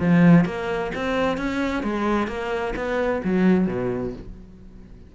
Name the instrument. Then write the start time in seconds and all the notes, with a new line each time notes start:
cello
0.00 F3
0.45 A#3
0.95 C4
1.37 C#4
1.83 G#3
2.28 A#3
2.76 B3
3.24 F#3
3.67 B2